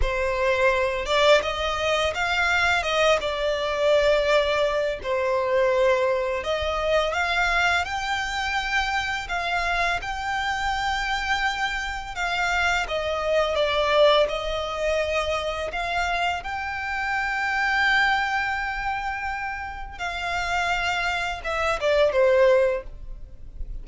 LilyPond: \new Staff \with { instrumentName = "violin" } { \time 4/4 \tempo 4 = 84 c''4. d''8 dis''4 f''4 | dis''8 d''2~ d''8 c''4~ | c''4 dis''4 f''4 g''4~ | g''4 f''4 g''2~ |
g''4 f''4 dis''4 d''4 | dis''2 f''4 g''4~ | g''1 | f''2 e''8 d''8 c''4 | }